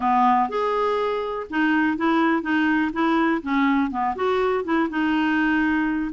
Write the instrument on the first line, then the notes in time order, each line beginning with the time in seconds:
clarinet
0.00 B3
0.49 G#4
1.50 D#4
1.97 E4
2.42 D#4
2.92 E4
3.42 C#4
3.90 B3
4.15 F#4
4.64 E4
4.89 D#4